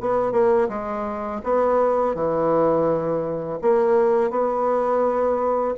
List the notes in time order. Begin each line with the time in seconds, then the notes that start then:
0.00 B3
0.32 A#3
0.69 G#3
1.43 B3
2.14 E3
3.61 A#3
4.30 B3